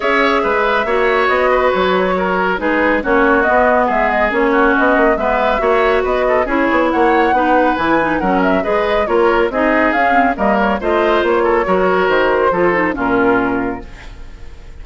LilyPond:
<<
  \new Staff \with { instrumentName = "flute" } { \time 4/4 \tempo 4 = 139 e''2. dis''4 | cis''2 b'4 cis''4 | dis''4 e''8 dis''8 cis''4 dis''4 | e''2 dis''4 cis''4 |
fis''2 gis''4 fis''8 e''8 | dis''4 cis''4 dis''4 f''4 | dis''8 cis''8 dis''4 cis''2 | c''2 ais'2 | }
  \new Staff \with { instrumentName = "oboe" } { \time 4/4 cis''4 b'4 cis''4. b'8~ | b'4 ais'4 gis'4 fis'4~ | fis'4 gis'4. fis'4. | b'4 cis''4 b'8 a'8 gis'4 |
cis''4 b'2 ais'4 | b'4 ais'4 gis'2 | ais'4 c''4. a'8 ais'4~ | ais'4 a'4 f'2 | }
  \new Staff \with { instrumentName = "clarinet" } { \time 4/4 gis'2 fis'2~ | fis'2 dis'4 cis'4 | b2 cis'2 | b4 fis'2 e'4~ |
e'4 dis'4 e'8 dis'8 cis'4 | gis'4 f'4 dis'4 cis'8 c'8 | ais4 f'2 fis'4~ | fis'4 f'8 dis'8 cis'2 | }
  \new Staff \with { instrumentName = "bassoon" } { \time 4/4 cis'4 gis4 ais4 b4 | fis2 gis4 ais4 | b4 gis4 ais4 b8 ais8 | gis4 ais4 b4 cis'8 b8 |
ais4 b4 e4 fis4 | gis4 ais4 c'4 cis'4 | g4 a4 ais4 fis4 | dis4 f4 ais,2 | }
>>